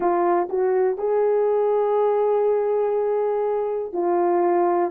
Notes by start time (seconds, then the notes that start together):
0.00 F4
0.49 F#4
0.97 G#4
3.93 F4